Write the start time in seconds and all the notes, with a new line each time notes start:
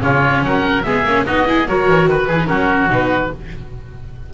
0.00 C#3 C#4 F4 C#5
0.42 F#3 A#4 F#5
0.82 G#3 B3 G#4 E5
1.03 A#3 C#4
1.26 B3 D#4 F#4 D#5
1.46 E4 G#4
1.67 F#3 F#4 A#4 C#5
1.88 E3
2.07 D#3 B4
2.27 E3 E4 G#4
2.40 D#4
2.46 F#3 C#4 F#4 A#4
2.89 B2 D#4 B4